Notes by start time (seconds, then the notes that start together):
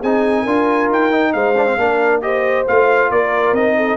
0.00 C4 D#4 G#4 G#5
0.42 D4 F4 A#4
0.90 D#4 G5
1.10 D#4
1.32 G#3 C5 F5
1.57 D4
1.66 C4
1.77 A#3 D4 A#4
2.21 G4 C5 D#5
2.67 A3 F4 F5
3.10 A#3 A#4 D5
3.52 C4 D#4 D#5
3.77 A4